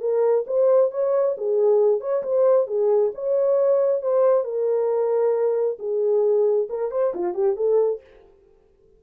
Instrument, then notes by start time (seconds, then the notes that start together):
horn
0.00 A#4
0.46 C5
0.91 C#5
1.37 G#4
2.00 C#5
2.23 C5
2.67 G#4
3.15 C#5
4.02 C5
4.44 A#4
5.79 G#4
6.69 A#4
6.91 C5
7.14 F4
7.34 G4
7.56 A4